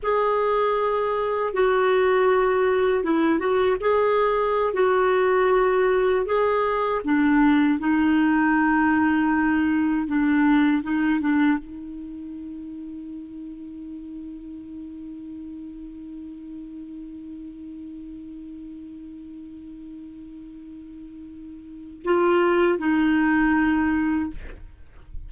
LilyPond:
\new Staff \with { instrumentName = "clarinet" } { \time 4/4 \tempo 4 = 79 gis'2 fis'2 | e'8 fis'8 gis'4~ gis'16 fis'4.~ fis'16~ | fis'16 gis'4 d'4 dis'4.~ dis'16~ | dis'4~ dis'16 d'4 dis'8 d'8 dis'8.~ |
dis'1~ | dis'1~ | dis'1~ | dis'4 f'4 dis'2 | }